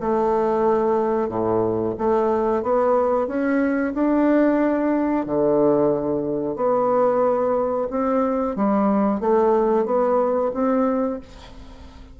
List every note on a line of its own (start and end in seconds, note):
0.00 1.29 A3
1.29 1.95 A2
1.98 2.62 A3
2.62 3.27 B3
3.27 3.93 C#4
3.94 5.26 D4
5.26 6.56 D3
6.56 7.88 B3
7.90 8.55 C4
8.55 9.20 G3
9.20 9.85 A3
9.85 10.51 B3
10.54 11.20 C4